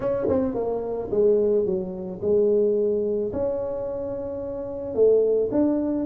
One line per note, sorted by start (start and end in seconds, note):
0.00 0.27 C#4
0.29 0.54 C4
0.54 1.09 A#3
1.10 1.65 G#3
1.65 2.20 F#3
2.21 3.32 G#3
3.33 4.94 C#4
4.94 5.49 A3
5.51 6.05 D4